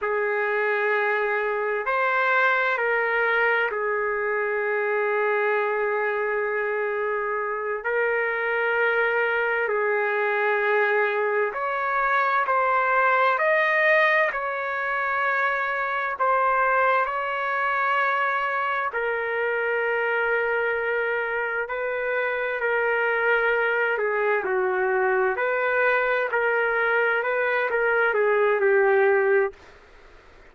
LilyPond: \new Staff \with { instrumentName = "trumpet" } { \time 4/4 \tempo 4 = 65 gis'2 c''4 ais'4 | gis'1~ | gis'8 ais'2 gis'4.~ | gis'8 cis''4 c''4 dis''4 cis''8~ |
cis''4. c''4 cis''4.~ | cis''8 ais'2. b'8~ | b'8 ais'4. gis'8 fis'4 b'8~ | b'8 ais'4 b'8 ais'8 gis'8 g'4 | }